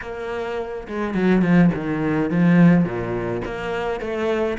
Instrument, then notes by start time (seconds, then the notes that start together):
cello
0.01 A#3
0.87 G#3
1.14 F#3
1.41 F3
1.74 D#3
2.30 F3
2.84 A#2
3.45 A#3
4.00 A3